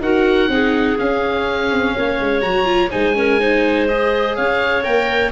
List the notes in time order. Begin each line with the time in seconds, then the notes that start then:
0.00 D#4 F#4 A#4 F#5
0.48 C4 D#4 G#4
0.99 C#4 F5
1.72 C4
1.95 A#3 C#5
2.20 G#3
2.42 F#3 F#4 A#5
2.65 F4
2.91 G#3 D#4 C5 G#5
3.14 C#4 A#4
3.40 D#4 C5
3.88 G#4 D#5
4.36 C#4 C#5 F5
4.84 A#3 A#4 G5